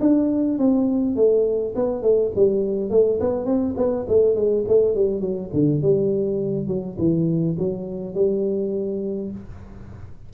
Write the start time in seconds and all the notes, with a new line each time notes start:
0.00 D4
0.58 C4
1.16 A3
1.75 B3
2.02 A3
2.35 G3
2.90 A3
3.20 B3
3.45 C4
3.77 B3
4.08 A3
4.35 G#3
4.68 A3
4.95 G3
5.20 F#3
5.53 D3
5.82 G3
6.67 F#3
6.98 E3
7.58 F#3
8.14 G3